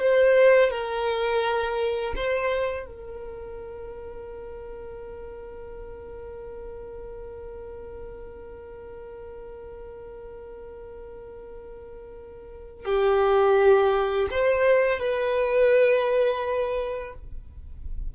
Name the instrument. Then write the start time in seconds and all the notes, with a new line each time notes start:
violin
0.00 C5
0.71 A#4
2.16 C5
2.86 A#4
12.85 G4
14.31 C5
14.99 B4